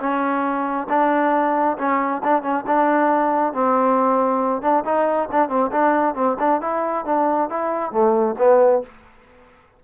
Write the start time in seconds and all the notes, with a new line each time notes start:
0.00 C#4
0.89 D4
1.78 C#4
2.24 D4
2.43 C#4
2.67 D4
3.53 C4
4.62 D4
4.85 D#4
5.32 D4
5.49 C4
5.72 D4
6.15 C4
6.40 D4
6.61 E4
7.06 D4
7.50 E4
7.92 A3
8.39 B3